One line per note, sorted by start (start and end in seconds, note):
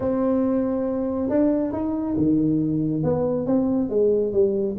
0.00 1.29 C4
1.29 1.72 D4
1.72 2.15 D#4
2.17 3.03 D#3
3.03 3.46 B3
3.46 3.89 C4
3.89 4.32 G#3
4.32 4.76 G3